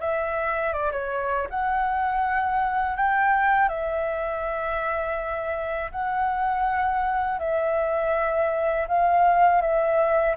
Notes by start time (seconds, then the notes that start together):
0.00 E5
0.73 D5
0.92 C#5
1.50 F#5
2.96 G5
3.69 E5
5.91 F#5
7.39 E5
8.88 F5
9.61 E5